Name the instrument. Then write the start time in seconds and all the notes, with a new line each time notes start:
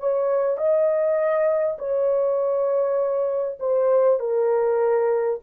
horn
0.00 C#5
0.58 D#5
1.79 C#5
3.60 C5
4.20 A#4